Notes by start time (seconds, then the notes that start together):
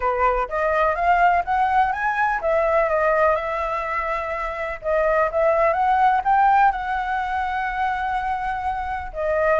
0.00 B4
0.48 D#5
0.95 F5
1.44 F#5
1.92 G#5
2.41 E5
2.89 D#5
3.35 E5
4.81 D#5
5.31 E5
5.73 F#5
6.24 G5
6.71 F#5
9.13 D#5